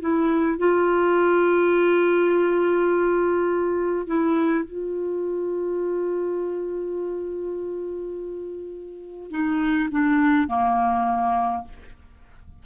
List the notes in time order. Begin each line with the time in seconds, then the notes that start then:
0.00 E4
0.58 F4
4.06 E4
4.64 F4
9.30 D#4
9.91 D4
10.47 A#3